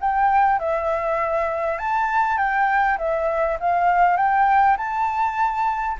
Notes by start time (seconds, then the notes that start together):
0.00 G5
0.59 E5
1.78 A5
2.37 G5
2.98 E5
3.60 F5
4.16 G5
4.77 A5